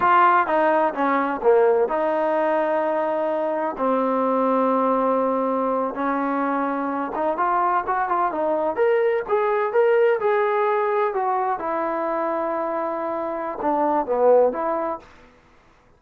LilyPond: \new Staff \with { instrumentName = "trombone" } { \time 4/4 \tempo 4 = 128 f'4 dis'4 cis'4 ais4 | dis'1 | c'1~ | c'8. cis'2~ cis'8 dis'8 f'16~ |
f'8. fis'8 f'8 dis'4 ais'4 gis'16~ | gis'8. ais'4 gis'2 fis'16~ | fis'8. e'2.~ e'16~ | e'4 d'4 b4 e'4 | }